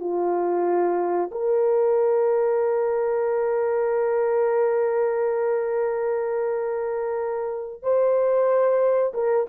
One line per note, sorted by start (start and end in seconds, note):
0.00 1.30 F4
1.32 7.83 A#4
7.83 9.13 C5
9.14 9.47 A#4